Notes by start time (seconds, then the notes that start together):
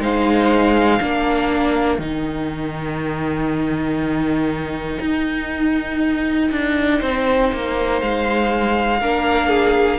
0.00 G#3 D#4 C5 F5
1.00 A#3 D4 A#4
1.99 D#3 D#4 G5
5.01 D#4
6.51 D4
7.00 C4 C5
7.53 A#3
8.01 G#3 F5
9.01 A#3 D4 A#4
9.49 G#4